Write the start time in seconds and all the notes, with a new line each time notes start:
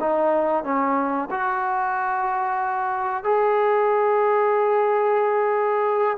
0.00 D#4
0.63 C#4
1.30 F#4
3.23 G#4